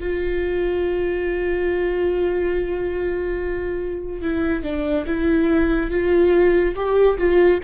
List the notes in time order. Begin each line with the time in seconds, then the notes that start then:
0.00 F4
4.22 E4
4.63 D4
5.06 E4
5.90 F4
6.75 G4
7.18 F4